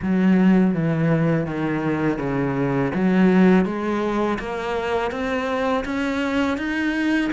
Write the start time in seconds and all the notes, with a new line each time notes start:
0.02 F#3
0.74 E3
1.46 D#3
2.18 C#3
2.94 F#3
3.65 G#3
4.39 A#3
5.11 C4
5.84 C#4
6.57 D#4